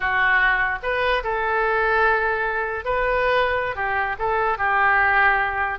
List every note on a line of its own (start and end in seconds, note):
0.00 0.79 F#4
0.82 1.23 B4
1.23 2.84 A4
2.84 3.75 B4
3.75 4.16 G4
4.18 4.57 A4
4.57 5.79 G4